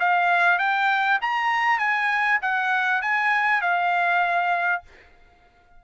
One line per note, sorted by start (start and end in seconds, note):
0.00 0.59 F5
0.59 1.19 G5
1.21 1.79 A#5
1.79 2.39 G#5
2.42 3.02 F#5
3.02 3.61 G#5
3.61 4.83 F5